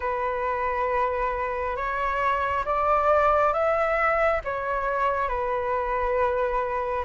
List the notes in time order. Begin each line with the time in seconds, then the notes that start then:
0.00 B4
1.76 C#5
2.65 D5
3.53 E5
4.44 C#5
5.28 B4